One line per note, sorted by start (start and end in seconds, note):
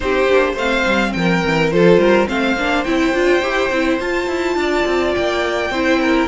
0.00 0.29 C4
0.00 0.28 D#4
0.00 0.52 G4
0.00 0.55 C5
0.28 0.55 A#3
0.28 0.57 D4
0.52 0.83 A3
0.52 1.09 C5
0.52 1.12 F5
0.60 1.72 C4
0.85 1.14 G3
1.12 1.43 F3
1.12 1.73 A#4
1.12 1.70 G5
1.44 1.73 E3
1.70 1.97 F3
1.70 2.26 F4
1.70 1.99 A4
1.70 2.27 C5
1.97 2.26 G3
1.97 2.28 A#4
2.26 2.55 A3
2.26 2.55 C4
2.26 4.57 C5
2.26 2.83 F5
2.55 2.84 A#3
2.55 2.86 D4
2.83 3.12 C4
2.83 3.14 E4
2.83 3.98 G5
3.12 3.41 D4
3.12 3.42 F4
3.41 3.70 E4
3.41 3.70 G4
3.70 3.99 C4
3.70 4.00 E4
3.99 4.27 F4
3.99 5.71 F4
3.99 5.14 A5
4.27 4.55 E4
4.55 4.84 D4
4.55 5.71 D5
4.85 5.14 C4
5.14 5.70 A#3
5.14 6.27 G5
5.70 6.27 C4
5.70 6.27 E4
5.70 5.99 C5
6.01 6.27 A#4